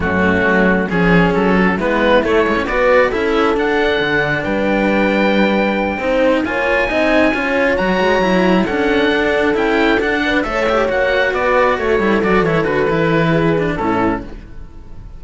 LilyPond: <<
  \new Staff \with { instrumentName = "oboe" } { \time 4/4 \tempo 4 = 135 fis'2 gis'4 a'4 | b'4 cis''4 d''4 e''4 | fis''2 g''2~ | g''2~ g''8 gis''4.~ |
gis''4. ais''2 fis''8~ | fis''4. g''4 fis''4 e''8~ | e''8 fis''4 d''4 cis''4 d''8 | cis''8 b'2~ b'8 a'4 | }
  \new Staff \with { instrumentName = "horn" } { \time 4/4 cis'2 gis'4. fis'8 | e'2 b'4 a'4~ | a'2 b'2~ | b'4. c''4 cis''4 dis''8~ |
dis''8 cis''2. a'8~ | a'2. b'8 cis''8~ | cis''4. b'4 a'4.~ | a'2 gis'4 e'4 | }
  \new Staff \with { instrumentName = "cello" } { \time 4/4 a2 cis'2 | b4 a8 gis16 cis'16 fis'4 e'4 | d'1~ | d'4. dis'4 f'4 dis'8~ |
dis'8 f'4 fis'4 e'4 d'8~ | d'4. e'4 d'4 a'8 | g'8 fis'2~ fis'8 e'8 fis'8 | e'8 fis'8 e'4. d'8 cis'4 | }
  \new Staff \with { instrumentName = "cello" } { \time 4/4 fis,4 fis4 f4 fis4 | gis4 a4 b4 cis'4 | d'4 d4 g2~ | g4. c'4 ais4 c'8~ |
c'8 cis'4 fis8 gis8 fis4 cis'8~ | cis'8 d'4 cis'4 d'4 a8~ | a8 ais4 b4 a8 g8 fis8 | e8 d8 e2 a,4 | }
>>